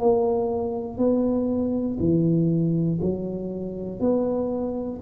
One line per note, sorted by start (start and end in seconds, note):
0.00 0.98 A#3
0.98 1.98 B3
2.00 3.00 E3
3.01 4.01 F#3
4.01 5.01 B3